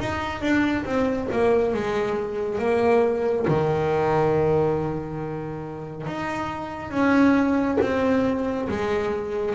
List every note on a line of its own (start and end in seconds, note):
0.00 0.42 D#4
0.42 0.85 D4
0.85 1.28 C4
1.32 1.74 A#3
1.74 2.59 G#3
2.59 3.46 A#3
3.48 6.07 D#3
6.07 6.91 D#4
6.91 7.78 C#4
7.81 8.68 C4
8.69 9.55 G#3